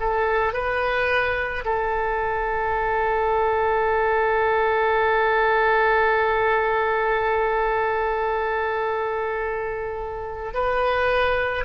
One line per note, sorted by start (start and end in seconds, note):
0.00 0.54 A4
0.54 1.65 B4
1.65 10.54 A4
10.54 11.65 B4